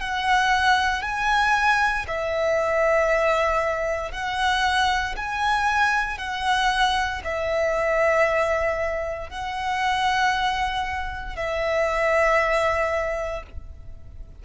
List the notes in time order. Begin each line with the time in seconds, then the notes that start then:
0.00 F#5
1.02 G#5
2.07 E5
4.11 F#5
5.16 G#5
6.17 F#5
7.24 E5
9.29 F#5
11.36 E5